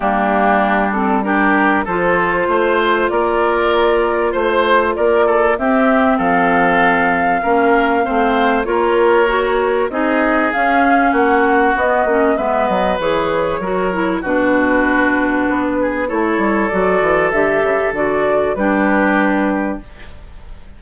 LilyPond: <<
  \new Staff \with { instrumentName = "flute" } { \time 4/4 \tempo 4 = 97 g'4. a'8 ais'4 c''4~ | c''4 d''2 c''4 | d''4 e''4 f''2~ | f''2 cis''2 |
dis''4 f''4 fis''4 dis''4 | e''8 dis''8 cis''2 b'4~ | b'2 cis''4 d''4 | e''4 d''4 b'2 | }
  \new Staff \with { instrumentName = "oboe" } { \time 4/4 d'2 g'4 a'4 | c''4 ais'2 c''4 | ais'8 a'8 g'4 a'2 | ais'4 c''4 ais'2 |
gis'2 fis'2 | b'2 ais'4 fis'4~ | fis'4. gis'8 a'2~ | a'2 g'2 | }
  \new Staff \with { instrumentName = "clarinet" } { \time 4/4 ais4. c'8 d'4 f'4~ | f'1~ | f'4 c'2. | cis'4 c'4 f'4 fis'4 |
dis'4 cis'2 b8 cis'8 | b4 gis'4 fis'8 e'8 d'4~ | d'2 e'4 fis'4 | g'4 fis'4 d'2 | }
  \new Staff \with { instrumentName = "bassoon" } { \time 4/4 g2. f4 | a4 ais2 a4 | ais4 c'4 f2 | ais4 a4 ais2 |
c'4 cis'4 ais4 b8 ais8 | gis8 fis8 e4 fis4 b,4~ | b,4 b4 a8 g8 fis8 e8 | d8 cis8 d4 g2 | }
>>